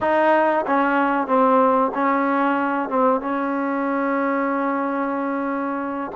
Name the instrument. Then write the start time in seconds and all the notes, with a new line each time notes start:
trombone
0.00 D#4
0.66 C#4
1.27 C4
1.94 C#4
2.89 C4
3.21 C#4